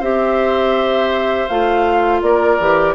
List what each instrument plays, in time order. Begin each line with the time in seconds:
0.00 bassoon C4, clarinet G4, oboe C5, flute E5
1.48 bassoon A3, clarinet F4, flute F5
2.21 bassoon A#3, oboe A#4, flute D5
2.59 bassoon E3, clarinet G4